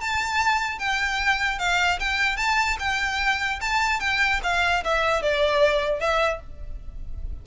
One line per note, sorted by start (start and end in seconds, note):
0.00 0.79 A5
0.79 1.59 G5
1.59 1.99 F5
1.99 2.36 G5
2.36 2.77 A5
2.79 3.59 G5
3.61 4.00 A5
4.00 4.40 G5
4.43 4.83 F5
4.84 5.22 E5
5.22 6.00 D5
6.00 6.40 E5